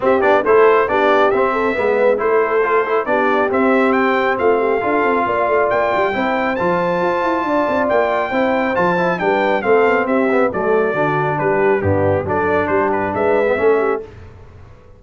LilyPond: <<
  \new Staff \with { instrumentName = "trumpet" } { \time 4/4 \tempo 4 = 137 e''8 d''8 c''4 d''4 e''4~ | e''4 c''2 d''4 | e''4 g''4 f''2~ | f''4 g''2 a''4~ |
a''2 g''2 | a''4 g''4 f''4 e''4 | d''2 b'4 g'4 | d''4 c''8 b'8 e''2 | }
  \new Staff \with { instrumentName = "horn" } { \time 4/4 g'4 a'4 g'4. a'8 | b'4 a'2 g'4~ | g'2 f'8 g'8 a'4 | d''2 c''2~ |
c''4 d''2 c''4~ | c''4 b'4 a'4 g'4 | a'4 fis'4 g'4 d'4 | a'4 g'4 b'4 a'8 g'8 | }
  \new Staff \with { instrumentName = "trombone" } { \time 4/4 c'8 d'8 e'4 d'4 c'4 | b4 e'4 f'8 e'8 d'4 | c'2. f'4~ | f'2 e'4 f'4~ |
f'2. e'4 | f'8 e'8 d'4 c'4. b8 | a4 d'2 b4 | d'2~ d'8. b16 cis'4 | }
  \new Staff \with { instrumentName = "tuba" } { \time 4/4 c'8 b8 a4 b4 c'4 | gis4 a2 b4 | c'2 a4 d'8 c'8 | ais8 a8 ais8 g8 c'4 f4 |
f'8 e'8 d'8 c'8 ais4 c'4 | f4 g4 a8 b8 c'4 | fis4 d4 g4 g,4 | fis4 g4 gis4 a4 | }
>>